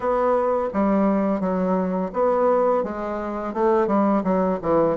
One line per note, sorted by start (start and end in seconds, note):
0.00 0.69 B3
0.73 1.40 G3
1.40 2.10 F#3
2.13 2.83 B3
2.83 3.53 G#3
3.53 3.87 A3
3.87 4.22 G3
4.24 4.59 F#3
4.62 4.96 E3